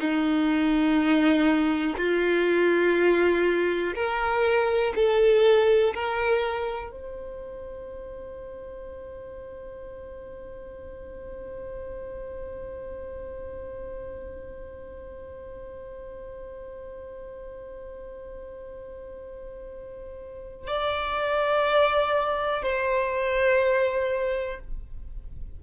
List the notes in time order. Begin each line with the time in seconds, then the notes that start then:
0.00 D#4
1.98 F4
3.95 A#4
4.96 A4
5.95 A#4
6.92 C5
20.68 D5
22.63 C5